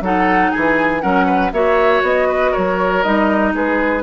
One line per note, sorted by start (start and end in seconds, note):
0.00 0.50 F#3
0.00 1.01 D#4
0.00 0.51 A4
0.00 0.51 F#5
0.51 1.03 E3
0.51 1.01 G#4
0.51 1.01 G#5
1.01 1.52 F#3
1.01 1.51 C#4
1.01 1.26 A#4
1.01 1.51 F#5
1.26 1.51 B4
1.52 2.02 A#3
1.52 3.02 F#4
1.52 2.28 C#5
1.52 2.02 E5
2.02 2.52 B3
2.02 2.53 D#5
2.28 2.51 B4
2.51 3.51 A#4
2.51 3.02 C#5
2.57 3.04 F#3
3.02 3.53 G3
3.02 4.03 D#4
3.02 3.53 D#5
3.53 4.03 G#3
3.53 4.03 G#4
3.53 4.03 B4